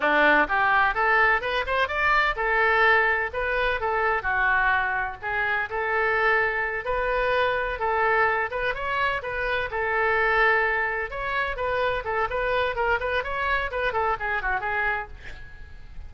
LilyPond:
\new Staff \with { instrumentName = "oboe" } { \time 4/4 \tempo 4 = 127 d'4 g'4 a'4 b'8 c''8 | d''4 a'2 b'4 | a'4 fis'2 gis'4 | a'2~ a'8 b'4.~ |
b'8 a'4. b'8 cis''4 b'8~ | b'8 a'2. cis''8~ | cis''8 b'4 a'8 b'4 ais'8 b'8 | cis''4 b'8 a'8 gis'8 fis'8 gis'4 | }